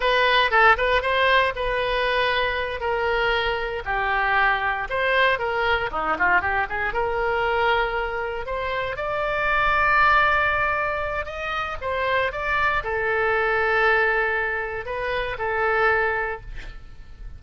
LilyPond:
\new Staff \with { instrumentName = "oboe" } { \time 4/4 \tempo 4 = 117 b'4 a'8 b'8 c''4 b'4~ | b'4. ais'2 g'8~ | g'4. c''4 ais'4 dis'8 | f'8 g'8 gis'8 ais'2~ ais'8~ |
ais'8 c''4 d''2~ d''8~ | d''2 dis''4 c''4 | d''4 a'2.~ | a'4 b'4 a'2 | }